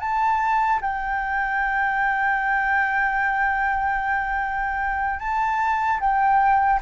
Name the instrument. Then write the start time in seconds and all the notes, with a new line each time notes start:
flute
0.00 A5
0.81 G5
5.19 A5
6.00 G5